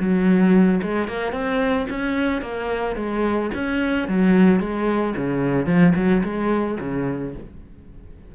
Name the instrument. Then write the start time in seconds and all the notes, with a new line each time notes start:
cello
0.00 F#3
0.83 G#3
1.08 A#3
1.33 C4
1.90 C#4
2.42 A#3
2.97 G#3
3.55 C#4
4.09 F#3
4.60 G#3
5.17 C#3
5.67 F3
5.96 F#3
6.24 G#3
6.81 C#3